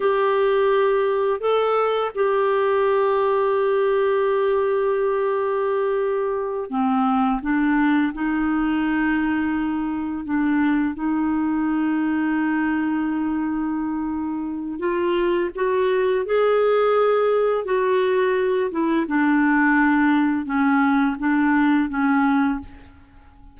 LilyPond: \new Staff \with { instrumentName = "clarinet" } { \time 4/4 \tempo 4 = 85 g'2 a'4 g'4~ | g'1~ | g'4. c'4 d'4 dis'8~ | dis'2~ dis'8 d'4 dis'8~ |
dis'1~ | dis'4 f'4 fis'4 gis'4~ | gis'4 fis'4. e'8 d'4~ | d'4 cis'4 d'4 cis'4 | }